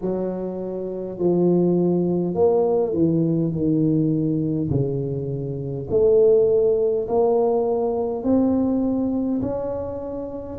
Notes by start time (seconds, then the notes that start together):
0.01 F#3
1.18 F3
2.34 A#3
2.93 E3
3.52 D#3
4.70 C#3
5.90 A3
7.07 A#3
8.24 C4
9.41 C#4